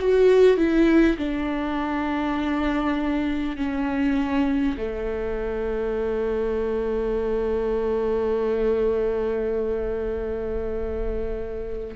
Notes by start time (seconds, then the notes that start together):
0.00 F#4
0.57 E4
1.18 D4
3.57 C#4
4.78 A3